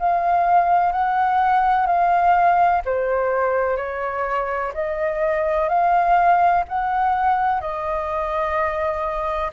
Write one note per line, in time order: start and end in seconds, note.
0.00 0.92 F5
0.92 1.87 F#5
1.87 2.82 F5
2.86 3.77 C5
3.77 4.73 C#5
4.74 5.69 D#5
5.69 6.65 F5
6.69 7.61 F#5
7.61 9.52 D#5